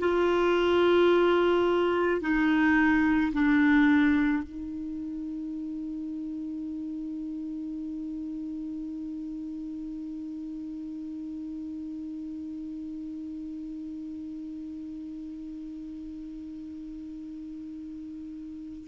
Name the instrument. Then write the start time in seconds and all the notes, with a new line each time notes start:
clarinet
0.00 F4
2.22 D#4
3.33 D4
4.43 D#4